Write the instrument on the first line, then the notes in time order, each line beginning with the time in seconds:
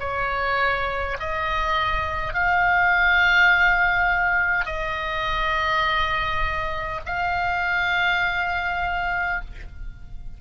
oboe
0.00 C#5
1.20 D#5
2.34 F5
4.66 D#5
7.06 F5